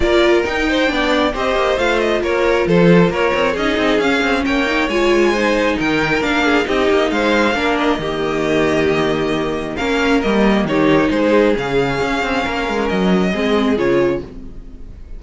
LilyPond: <<
  \new Staff \with { instrumentName = "violin" } { \time 4/4 \tempo 4 = 135 d''4 g''2 dis''4 | f''8 dis''8 cis''4 c''4 cis''4 | dis''4 f''4 g''4 gis''4~ | gis''4 g''4 f''4 dis''4 |
f''4. dis''2~ dis''8~ | dis''2 f''4 dis''4 | cis''4 c''4 f''2~ | f''4 dis''2 cis''4 | }
  \new Staff \with { instrumentName = "violin" } { \time 4/4 ais'4. c''8 d''4 c''4~ | c''4 ais'4 a'4 ais'4 | gis'2 cis''2 | c''4 ais'4. gis'8 g'4 |
c''4 ais'4 g'2~ | g'2 ais'2 | g'4 gis'2. | ais'2 gis'2 | }
  \new Staff \with { instrumentName = "viola" } { \time 4/4 f'4 dis'4 d'4 g'4 | f'1 | dis'4 cis'4. dis'8 f'4 | dis'2 d'4 dis'4~ |
dis'4 d'4 ais2~ | ais2 cis'4 ais4 | dis'2 cis'2~ | cis'2 c'4 f'4 | }
  \new Staff \with { instrumentName = "cello" } { \time 4/4 ais4 dis'4 b4 c'8 ais8 | a4 ais4 f4 ais8 c'8 | cis'8 c'8 cis'8 c'8 ais4 gis4~ | gis4 dis4 ais4 c'8 ais8 |
gis4 ais4 dis2~ | dis2 ais4 g4 | dis4 gis4 cis4 cis'8 c'8 | ais8 gis8 fis4 gis4 cis4 | }
>>